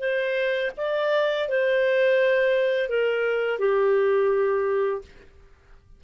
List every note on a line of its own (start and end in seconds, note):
0.00 0.71 C5
0.78 1.49 D5
1.49 2.89 C5
2.89 3.59 A#4
3.59 5.02 G4